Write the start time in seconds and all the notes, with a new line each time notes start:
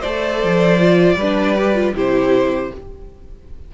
0.00 A3 A4 C5 D5
0.43 F3
0.79 F4
1.16 G3 B4
1.22 D4
1.58 G4
1.75 F4
1.94 C3 E4 G4 C5